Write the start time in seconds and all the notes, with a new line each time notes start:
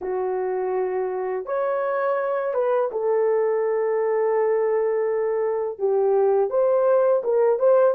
0.01 F#4
1.45 C#5
2.54 B4
2.91 A4
5.78 G4
6.50 C5
7.23 A#4
7.59 C5